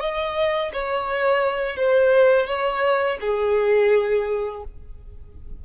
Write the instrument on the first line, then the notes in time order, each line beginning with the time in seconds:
violin
0.00 D#5
0.73 C#5
1.76 C5
2.47 C#5
3.20 G#4